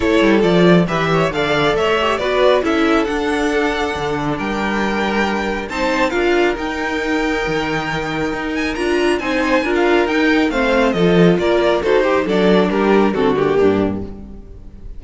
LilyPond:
<<
  \new Staff \with { instrumentName = "violin" } { \time 4/4 \tempo 4 = 137 cis''4 d''4 e''4 f''4 | e''4 d''4 e''4 fis''4~ | fis''2 g''2~ | g''4 a''4 f''4 g''4~ |
g''2.~ g''8 gis''8 | ais''4 gis''4~ gis''16 f''8. g''4 | f''4 dis''4 d''4 c''4 | d''4 ais'4 a'8 g'4. | }
  \new Staff \with { instrumentName = "violin" } { \time 4/4 a'2 b'8 cis''8 d''4 | cis''4 b'4 a'2~ | a'2 ais'2~ | ais'4 c''4 ais'2~ |
ais'1~ | ais'4 c''4 ais'2 | c''4 a'4 ais'4 a'8 g'8 | a'4 g'4 fis'4 d'4 | }
  \new Staff \with { instrumentName = "viola" } { \time 4/4 e'4 f'4 g'4 a'4~ | a'8 g'8 fis'4 e'4 d'4~ | d'1~ | d'4 dis'4 f'4 dis'4~ |
dis'1 | f'4 dis'4 f'4 dis'4 | c'4 f'2 fis'8 g'8 | d'2 c'8 ais4. | }
  \new Staff \with { instrumentName = "cello" } { \time 4/4 a8 g8 f4 e4 d4 | a4 b4 cis'4 d'4~ | d'4 d4 g2~ | g4 c'4 d'4 dis'4~ |
dis'4 dis2 dis'4 | d'4 c'4 d'4 dis'4 | a4 f4 ais4 dis'4 | fis4 g4 d4 g,4 | }
>>